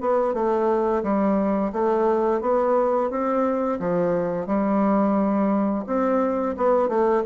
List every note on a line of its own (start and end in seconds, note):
0.00 0.34 B3
0.34 1.03 A3
1.03 1.72 G3
1.72 2.41 A3
2.41 3.10 B3
3.10 3.79 C4
3.79 4.46 F3
4.46 5.84 G3
5.86 6.55 C4
6.57 6.88 B3
6.88 7.23 A3